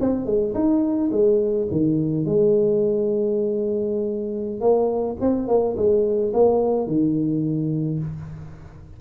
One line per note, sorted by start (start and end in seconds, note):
0.00 0.25 C4
0.25 0.54 G#3
0.54 1.10 D#4
1.12 1.68 G#3
1.71 2.25 D#3
2.25 4.60 G#3
4.60 5.16 A#3
5.20 5.47 C4
5.47 5.76 A#3
5.76 6.32 G#3
6.33 6.87 A#3
6.87 7.99 D#3